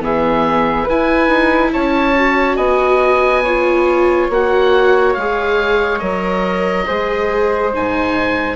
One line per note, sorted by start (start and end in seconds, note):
0.00 0.86 E3
0.00 0.86 B3
0.00 0.84 G#4
0.00 0.89 E5
0.84 1.29 E4
0.84 1.70 B4
0.84 1.73 G#5
0.90 2.16 E4
1.29 1.71 D#4
1.73 2.57 C#4
1.73 2.57 C#5
1.73 2.57 A5
2.16 3.44 F#4
2.57 4.29 B3
2.57 3.43 D#5
2.57 4.28 G#5
3.43 4.32 F4
3.43 6.86 C#5
4.30 5.16 A#3
4.30 5.17 F#4
4.30 5.14 F#5
5.14 6.02 G#3
5.14 6.01 G#4
5.14 5.99 F5
5.99 6.87 F#3
5.99 6.86 A#4
5.99 7.71 D#5
6.86 7.75 G#3
6.86 7.73 G#4
6.86 8.57 C5
7.73 8.57 G#2
7.73 8.57 D#4
7.73 8.57 G#5